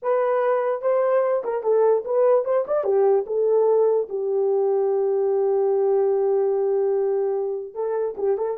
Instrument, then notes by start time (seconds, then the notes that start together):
horn
0.02 B4
0.81 C5
1.43 A#4
1.63 A4
2.04 B4
2.44 C5
2.67 D5
2.84 G4
3.26 A4
4.09 G4
7.74 A4
8.17 G4
8.37 A4